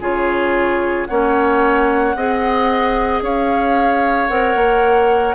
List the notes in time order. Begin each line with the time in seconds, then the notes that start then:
0.00 C#3 F4 G#4 C#5
1.06 A#3 C#4 C#5 F#5
2.15 C4 G#4 D#5
3.21 C#4 C#5 F5
4.27 C4 A#4 F#5
4.55 A#3